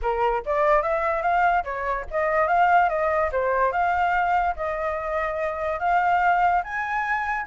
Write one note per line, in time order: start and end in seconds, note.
0.02 0.43 A#4
0.45 0.82 D5
0.82 1.22 E5
1.22 1.63 F5
1.63 2.05 C#5
2.10 2.47 D#5
2.47 2.89 F5
2.89 3.30 D#5
3.32 3.71 C5
3.71 4.54 F5
4.56 5.79 D#5
5.79 6.62 F5
6.63 7.46 G#5